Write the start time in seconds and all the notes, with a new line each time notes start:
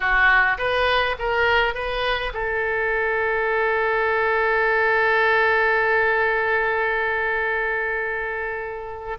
0.00 F#4
0.57 B4
1.18 A#4
1.74 B4
2.33 A4